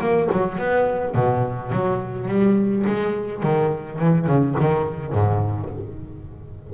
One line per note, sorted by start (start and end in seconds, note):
0.00 0.29 A#3
0.31 0.58 F#3
0.58 1.15 B3
1.15 1.72 B2
1.72 2.28 F#3
2.28 2.85 G3
2.86 3.43 G#3
3.43 3.99 D#3
3.99 4.26 E3
4.26 4.55 C#3
4.59 5.12 D#3
5.12 5.69 G#2